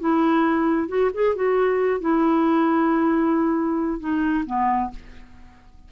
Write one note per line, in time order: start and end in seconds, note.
0.00 0.89 E4
0.89 1.11 F#4
1.14 1.36 G#4
1.36 2.01 F#4
2.01 4.00 E4
4.00 4.45 D#4
4.47 4.91 B3